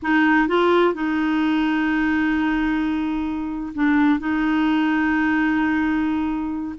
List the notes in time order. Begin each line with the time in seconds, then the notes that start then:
0.02 D#4
0.48 F4
0.94 D#4
3.74 D4
4.19 D#4